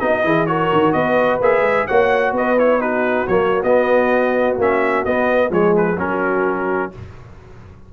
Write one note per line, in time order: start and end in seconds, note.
0.00 0.24 B3
0.00 0.24 D#4
0.00 0.25 F#4
0.00 0.47 D#5
0.24 0.71 E3
0.24 0.47 E4
0.24 0.49 G#4
0.47 1.41 F#4
0.47 0.96 A#4
0.47 0.93 C#5
0.73 0.94 D#3
0.93 1.41 B3
0.93 1.88 B4
0.93 1.40 D#5
1.41 1.61 A#3
1.41 1.89 G#4
1.41 1.87 E5
1.61 1.85 G#3
1.87 2.32 A#3
1.87 2.58 F#4
1.87 2.35 C#5
1.87 2.34 F#5
2.32 3.26 B3
2.32 2.81 B4
2.32 2.59 D#5
2.58 2.80 E4
2.58 2.81 C#5
2.80 3.27 D#4
2.80 5.50 F#4
2.80 3.27 B4
3.27 3.63 F#3
3.27 3.65 A#3
3.27 3.62 C#5
3.63 4.56 B3
3.63 4.59 B3
3.63 4.57 D#5
4.58 5.05 A#3
4.58 5.06 C#4
4.58 5.05 E5
5.05 5.50 B3
5.05 5.52 D#5
5.50 5.97 F3
5.50 5.97 G#3
5.50 5.99 G#4
5.50 5.76 C#5
5.77 6.00 B4
5.98 6.93 F#3
5.98 6.92 C#4
5.98 6.93 F#4
5.98 6.93 A#4